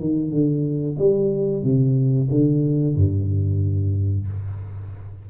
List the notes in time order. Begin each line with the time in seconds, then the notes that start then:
0.00 D#3
0.31 D3
0.99 G3
1.63 C3
2.30 D3
2.96 G2